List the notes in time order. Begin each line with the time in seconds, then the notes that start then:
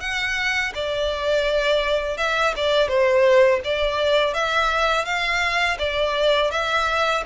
0.00 F#5
0.74 D5
2.17 E5
2.56 D5
2.88 C5
3.64 D5
4.33 E5
5.05 F5
5.78 D5
6.51 E5